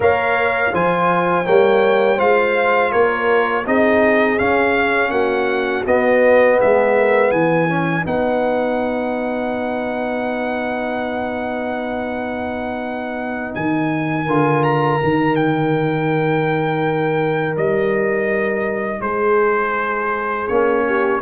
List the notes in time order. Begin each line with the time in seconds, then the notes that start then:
0.00 A#3 A#4 C#5 F5
0.72 F3 F4 C5 G#5
1.45 G3 A#3 C#5 G5
2.16 G#3 F4 C5 F5
2.91 A#3 A#4 C#5
3.66 C4 D#4 G#4 D#5
4.38 C#4 F5
5.10 A#3 F#4 F#5
5.86 B3 D#5
6.58 G#3 G#4 E5
6.98 A#4
7.31 E3 B4 G#5
7.69 C#4
8.03 B3 D#4 F#5
13.54 D#3 G#5
14.24 D3 F4 A#4
14.63 A#5
15.01 D#3 D#4
15.35 G5
17.56 G3 D#5
19.00 G#3 G#4 C5
20.47 A#3 C#4 C#5
20.86 G4